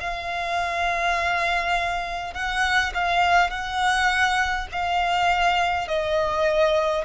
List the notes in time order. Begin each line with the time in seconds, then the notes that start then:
0.00 F5
2.34 F#5
2.94 F5
3.50 F#5
4.72 F5
5.88 D#5